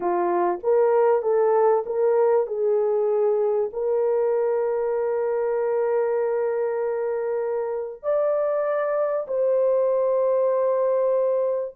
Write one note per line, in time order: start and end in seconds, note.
0.00 0.59 F4
0.63 1.22 A#4
1.22 1.84 A4
1.86 2.46 A#4
2.46 3.70 G#4
3.73 8.02 A#4
8.02 9.26 D5
9.27 11.75 C5